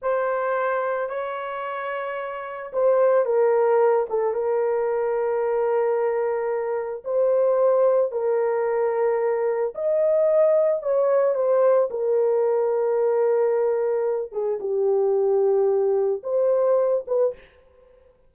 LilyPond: \new Staff \with { instrumentName = "horn" } { \time 4/4 \tempo 4 = 111 c''2 cis''2~ | cis''4 c''4 ais'4. a'8 | ais'1~ | ais'4 c''2 ais'4~ |
ais'2 dis''2 | cis''4 c''4 ais'2~ | ais'2~ ais'8 gis'8 g'4~ | g'2 c''4. b'8 | }